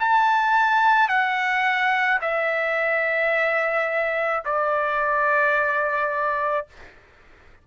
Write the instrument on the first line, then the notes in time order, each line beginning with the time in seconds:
trumpet
0.00 A5
1.09 F#5
2.22 E5
4.45 D5